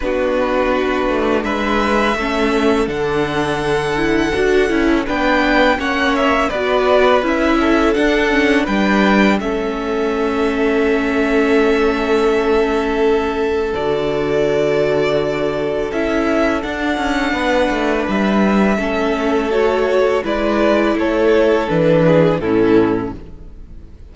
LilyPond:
<<
  \new Staff \with { instrumentName = "violin" } { \time 4/4 \tempo 4 = 83 b'2 e''2 | fis''2. g''4 | fis''8 e''8 d''4 e''4 fis''4 | g''4 e''2.~ |
e''2. d''4~ | d''2 e''4 fis''4~ | fis''4 e''2 cis''4 | d''4 cis''4 b'4 a'4 | }
  \new Staff \with { instrumentName = "violin" } { \time 4/4 fis'2 b'4 a'4~ | a'2. b'4 | cis''4 b'4. a'4. | b'4 a'2.~ |
a'1~ | a'1 | b'2 a'2 | b'4 a'4. gis'8 e'4 | }
  \new Staff \with { instrumentName = "viola" } { \time 4/4 d'2. cis'4 | d'4. e'8 fis'8 e'8 d'4 | cis'4 fis'4 e'4 d'8 cis'8 | d'4 cis'2.~ |
cis'2. fis'4~ | fis'2 e'4 d'4~ | d'2 cis'4 fis'4 | e'2 d'4 cis'4 | }
  \new Staff \with { instrumentName = "cello" } { \time 4/4 b4. a8 gis4 a4 | d2 d'8 cis'8 b4 | ais4 b4 cis'4 d'4 | g4 a2.~ |
a2. d4~ | d2 cis'4 d'8 cis'8 | b8 a8 g4 a2 | gis4 a4 e4 a,4 | }
>>